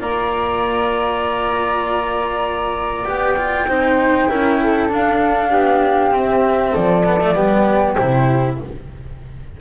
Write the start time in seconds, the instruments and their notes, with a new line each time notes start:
0.00 double bass A#3, cello F4, flute D5 A#5
3.05 double bass B3, cello G4, flute G5
3.37 cello F4
3.67 double bass C4, cello D#4, flute C5
4.29 double bass C#4, cello E4, flute A#4
4.63 flute A4
4.89 cello D4, double bass D4, flute F5
5.50 double bass B3, flute G4
6.11 cello C4, double bass C4, flute E5
6.72 double bass F3, flute A4 D5
7.05 cello B3
7.20 cello A3
7.34 double bass G3, cello B3, flute G4
7.94 double bass C3, cello E4, flute C5